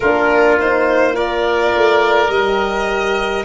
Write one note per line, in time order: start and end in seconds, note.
0.00 1.71 A#3
0.00 0.60 D4
0.00 1.14 F4
0.00 0.58 A#4
0.60 1.12 D#4
0.60 1.15 C5
1.12 2.28 F4
1.12 3.44 A#4
1.12 2.30 D5
1.74 2.28 A3
2.28 3.43 G3
2.28 3.44 G4
2.28 3.44 D#5